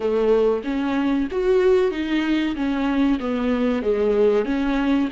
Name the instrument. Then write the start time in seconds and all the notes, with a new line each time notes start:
viola
0.00 A3
0.64 C#4
1.31 F#4
1.91 D#4
2.55 C#4
3.19 B3
3.82 G#3
4.45 C#4